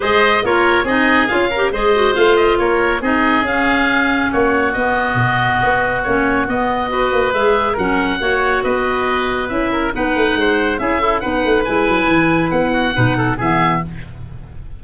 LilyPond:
<<
  \new Staff \with { instrumentName = "oboe" } { \time 4/4 \tempo 4 = 139 dis''4 cis''4 dis''4 f''4 | dis''4 f''8 dis''8 cis''4 dis''4 | f''2 cis''4 dis''4~ | dis''2 cis''4 dis''4~ |
dis''4 e''4 fis''2 | dis''2 e''4 fis''4~ | fis''4 e''4 fis''4 gis''4~ | gis''4 fis''2 e''4 | }
  \new Staff \with { instrumentName = "oboe" } { \time 4/4 c''4 ais'4 gis'4. ais'8 | c''2 ais'4 gis'4~ | gis'2 fis'2~ | fis'1 |
b'2 ais'4 cis''4 | b'2~ b'8 ais'8 b'4 | c''4 gis'8 e'8 b'2~ | b'4. fis'8 b'8 a'8 gis'4 | }
  \new Staff \with { instrumentName = "clarinet" } { \time 4/4 gis'4 f'4 dis'4 f'8 g'8 | gis'8 fis'8 f'2 dis'4 | cis'2. b4~ | b2 cis'4 b4 |
fis'4 gis'4 cis'4 fis'4~ | fis'2 e'4 dis'4~ | dis'4 e'8 a'8 dis'4 e'4~ | e'2 dis'4 b4 | }
  \new Staff \with { instrumentName = "tuba" } { \time 4/4 gis4 ais4 c'4 cis'4 | gis4 a4 ais4 c'4 | cis'2 ais4 b4 | b,4 b4 ais4 b4~ |
b8 ais8 gis4 fis4 ais4 | b2 cis'4 b8 a8 | gis4 cis'4 b8 a8 gis8 fis8 | e4 b4 b,4 e4 | }
>>